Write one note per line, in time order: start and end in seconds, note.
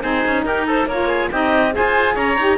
0.00 0.25 C4
0.00 0.87 D#4
0.00 0.45 G#4
0.00 0.43 C5
0.26 0.45 C#4
0.44 0.86 D#4
0.44 0.66 G4
0.44 0.66 A#4
0.66 0.88 A4
0.66 0.88 C5
0.86 1.29 A#3
0.86 1.31 F4
0.86 1.08 A#4
0.86 1.31 C#5
1.08 1.29 G#4
1.31 1.74 C4
1.31 1.72 D#4
1.31 1.74 G4
1.31 1.74 D#5
1.72 2.36 G#4
1.72 2.14 C5
1.72 2.16 G#5
1.78 2.16 F4
2.14 2.37 C#4
2.14 2.57 C#5
2.14 2.58 A#5
2.38 2.58 D#4
2.38 2.58 G4